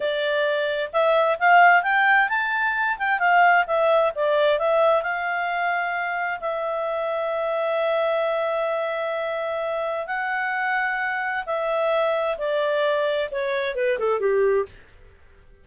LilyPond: \new Staff \with { instrumentName = "clarinet" } { \time 4/4 \tempo 4 = 131 d''2 e''4 f''4 | g''4 a''4. g''8 f''4 | e''4 d''4 e''4 f''4~ | f''2 e''2~ |
e''1~ | e''2 fis''2~ | fis''4 e''2 d''4~ | d''4 cis''4 b'8 a'8 g'4 | }